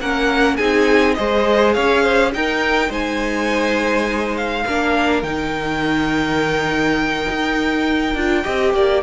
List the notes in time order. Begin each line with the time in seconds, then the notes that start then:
0.00 A#3 C#4 A#4 F#5
0.56 C4 D#4 G#4 G#5
1.14 G#3 G#4 C5 D#5
1.73 C#4 C#5 F5
2.02 C5
2.33 D#4 A#4 G5
2.89 G#3 C5 G#5
4.36 F5
4.65 A#3 D4 A#4
5.22 D#3 D#4 G5
7.29 D#4
8.14 D4 F4
8.43 C4 G4 D#5
8.73 A#3 D5